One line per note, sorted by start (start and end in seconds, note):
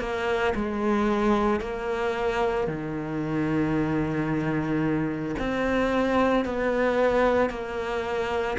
0.00 0.54 A#3
0.55 1.60 G#3
1.60 2.67 A#3
2.67 5.35 D#3
5.39 6.45 C4
6.45 7.50 B3
7.50 8.57 A#3